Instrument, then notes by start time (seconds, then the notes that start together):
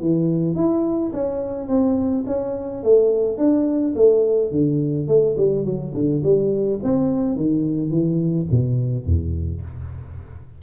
tuba
0.00 E3
0.55 E4
1.13 C#4
1.68 C4
2.27 C#4
2.83 A3
3.38 D4
3.95 A3
4.51 D3
5.08 A3
5.37 G3
5.65 F#3
5.94 D3
6.23 G3
6.83 C4
7.36 D#3
7.90 E3
8.51 B2
9.05 E2